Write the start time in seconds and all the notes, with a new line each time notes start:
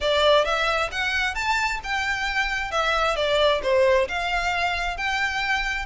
0.01 D5
0.44 E5
0.91 F#5
1.34 A5
1.83 G5
2.71 E5
3.16 D5
3.62 C5
4.08 F5
4.97 G5